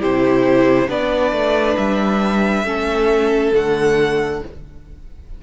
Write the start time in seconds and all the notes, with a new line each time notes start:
0.00 C3 E4 G4 C5
0.88 B3 D4 B4 D5
1.32 A3
1.77 G3 E5
2.64 A3 C#4 A4
3.54 D3 A3 F#5